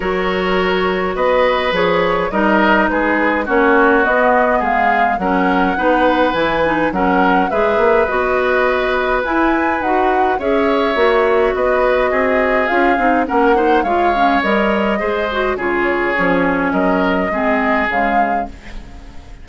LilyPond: <<
  \new Staff \with { instrumentName = "flute" } { \time 4/4 \tempo 4 = 104 cis''2 dis''4 cis''4 | dis''4 b'4 cis''4 dis''4 | f''4 fis''2 gis''4 | fis''4 e''4 dis''2 |
gis''4 fis''4 e''2 | dis''2 f''4 fis''4 | f''4 dis''2 cis''4~ | cis''4 dis''2 f''4 | }
  \new Staff \with { instrumentName = "oboe" } { \time 4/4 ais'2 b'2 | ais'4 gis'4 fis'2 | gis'4 ais'4 b'2 | ais'4 b'2.~ |
b'2 cis''2 | b'4 gis'2 ais'8 c''8 | cis''2 c''4 gis'4~ | gis'4 ais'4 gis'2 | }
  \new Staff \with { instrumentName = "clarinet" } { \time 4/4 fis'2. gis'4 | dis'2 cis'4 b4~ | b4 cis'4 dis'4 e'8 dis'8 | cis'4 gis'4 fis'2 |
e'4 fis'4 gis'4 fis'4~ | fis'2 f'8 dis'8 cis'8 dis'8 | f'8 cis'8 ais'4 gis'8 fis'8 f'4 | cis'2 c'4 gis4 | }
  \new Staff \with { instrumentName = "bassoon" } { \time 4/4 fis2 b4 f4 | g4 gis4 ais4 b4 | gis4 fis4 b4 e4 | fis4 gis8 ais8 b2 |
e'4 dis'4 cis'4 ais4 | b4 c'4 cis'8 c'8 ais4 | gis4 g4 gis4 cis4 | f4 fis4 gis4 cis4 | }
>>